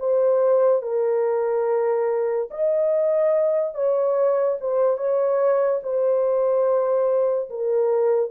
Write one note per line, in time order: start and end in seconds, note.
0.00 0.83 C5
0.83 2.49 A#4
2.51 3.75 D#5
3.75 4.58 C#5
4.61 4.98 C5
4.98 5.81 C#5
5.83 7.50 C5
7.50 8.31 A#4